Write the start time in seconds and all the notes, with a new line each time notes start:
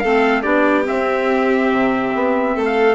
0.00 A3 C4 A4 F5
0.42 B3 D4 G4 D5
0.84 C4 E5
0.90 C4
1.73 C3
2.15 B3
2.56 A3 A4
2.66 F5